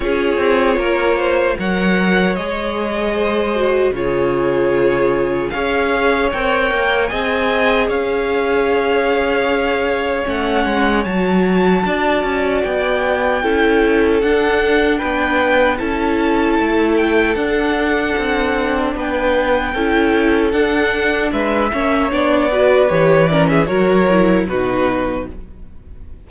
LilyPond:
<<
  \new Staff \with { instrumentName = "violin" } { \time 4/4 \tempo 4 = 76 cis''2 fis''4 dis''4~ | dis''4 cis''2 f''4 | g''4 gis''4 f''2~ | f''4 fis''4 a''2 |
g''2 fis''4 g''4 | a''4. g''8 fis''2 | g''2 fis''4 e''4 | d''4 cis''8 d''16 e''16 cis''4 b'4 | }
  \new Staff \with { instrumentName = "violin" } { \time 4/4 gis'4 ais'8 c''8 cis''2 | c''4 gis'2 cis''4~ | cis''4 dis''4 cis''2~ | cis''2. d''4~ |
d''4 a'2 b'4 | a'1 | b'4 a'2 b'8 cis''8~ | cis''8 b'4 ais'16 gis'16 ais'4 fis'4 | }
  \new Staff \with { instrumentName = "viola" } { \time 4/4 f'2 ais'4 gis'4~ | gis'8 fis'8 f'2 gis'4 | ais'4 gis'2.~ | gis'4 cis'4 fis'2~ |
fis'4 e'4 d'2 | e'2 d'2~ | d'4 e'4 d'4. cis'8 | d'8 fis'8 g'8 cis'8 fis'8 e'8 dis'4 | }
  \new Staff \with { instrumentName = "cello" } { \time 4/4 cis'8 c'8 ais4 fis4 gis4~ | gis4 cis2 cis'4 | c'8 ais8 c'4 cis'2~ | cis'4 a8 gis8 fis4 d'8 cis'8 |
b4 cis'4 d'4 b4 | cis'4 a4 d'4 c'4 | b4 cis'4 d'4 gis8 ais8 | b4 e4 fis4 b,4 | }
>>